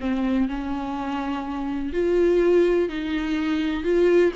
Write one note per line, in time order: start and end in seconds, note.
0.00 0.48 C4
0.49 1.93 C#4
1.93 2.89 F4
2.89 3.84 D#4
3.84 4.32 F4